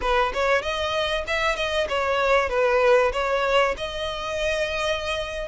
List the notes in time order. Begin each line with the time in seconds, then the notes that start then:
0.01 B4
0.33 C#5
0.62 D#5
1.27 E5
1.56 D#5
1.88 C#5
2.49 B4
3.12 C#5
3.77 D#5